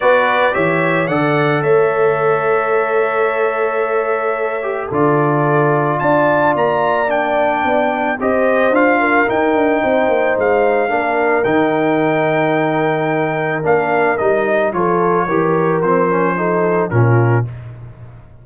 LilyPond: <<
  \new Staff \with { instrumentName = "trumpet" } { \time 4/4 \tempo 4 = 110 d''4 e''4 fis''4 e''4~ | e''1~ | e''4 d''2 a''4 | ais''4 g''2 dis''4 |
f''4 g''2 f''4~ | f''4 g''2.~ | g''4 f''4 dis''4 cis''4~ | cis''4 c''2 ais'4 | }
  \new Staff \with { instrumentName = "horn" } { \time 4/4 b'4 cis''4 d''4 cis''4~ | cis''1~ | cis''4 a'2 d''4~ | d''2. c''4~ |
c''8 ais'4. c''2 | ais'1~ | ais'2. a'4 | ais'2 a'4 f'4 | }
  \new Staff \with { instrumentName = "trombone" } { \time 4/4 fis'4 g'4 a'2~ | a'1~ | a'8 g'8 f'2.~ | f'4 d'2 g'4 |
f'4 dis'2. | d'4 dis'2.~ | dis'4 d'4 dis'4 f'4 | g'4 c'8 cis'8 dis'4 cis'4 | }
  \new Staff \with { instrumentName = "tuba" } { \time 4/4 b4 e4 d4 a4~ | a1~ | a4 d2 d'4 | ais2 b4 c'4 |
d'4 dis'8 d'8 c'8 ais8 gis4 | ais4 dis2.~ | dis4 ais4 g4 f4 | e4 f2 ais,4 | }
>>